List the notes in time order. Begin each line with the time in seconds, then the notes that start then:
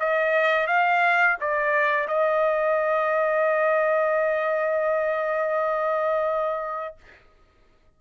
0.00 D#5
0.67 F5
1.40 D5
2.08 D#5